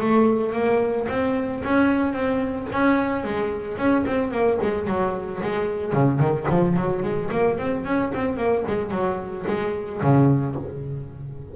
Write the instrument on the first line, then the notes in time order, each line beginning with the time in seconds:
double bass
0.00 A3
0.52 A#3
1.08 C4
1.64 C#4
2.13 C4
2.72 C#4
3.24 G#3
3.77 C#4
4.06 C4
4.31 A#3
4.62 G#3
4.87 F#3
5.42 G#3
5.93 C#3
6.19 D#3
6.49 F3
6.76 F#3
7.02 G#3
7.31 A#3
7.57 C4
7.85 C#4
8.14 C4
8.36 A#3
8.67 G#3
8.91 F#3
9.47 G#3
10.01 C#3